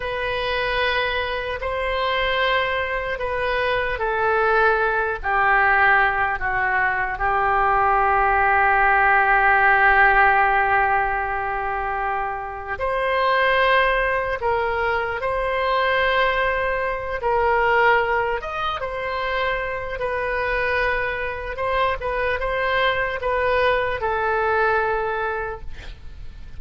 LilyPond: \new Staff \with { instrumentName = "oboe" } { \time 4/4 \tempo 4 = 75 b'2 c''2 | b'4 a'4. g'4. | fis'4 g'2.~ | g'1 |
c''2 ais'4 c''4~ | c''4. ais'4. dis''8 c''8~ | c''4 b'2 c''8 b'8 | c''4 b'4 a'2 | }